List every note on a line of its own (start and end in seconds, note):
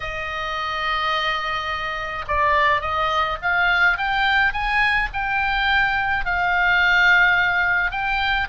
0.00 2.25 D#5
2.27 2.81 D5
2.81 3.37 D#5
3.42 3.97 F5
3.97 4.52 G5
4.52 5.09 G#5
5.13 6.25 G5
6.25 7.91 F5
7.91 8.48 G5